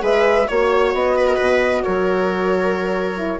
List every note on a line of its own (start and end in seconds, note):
0.00 0.47 G#3
0.00 0.45 G#4
0.00 0.47 B4
0.00 0.48 E5
0.48 0.94 A#3
0.48 3.17 F#4
0.48 0.93 C#5
0.48 1.16 C#5
0.94 1.39 B3
0.94 1.83 D#5
1.16 1.27 B4
1.27 1.35 A#4
1.35 1.84 B2
1.35 1.80 B4
1.83 3.39 F#3
1.83 3.39 A#4
1.83 3.39 C#5
3.17 3.39 E4